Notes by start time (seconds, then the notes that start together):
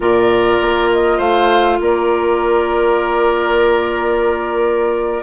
0.00 A#2 F4 A#4 D5
0.61 A#3
0.92 D#5
1.17 A3 C5 F5
1.80 A#3 A#4 D5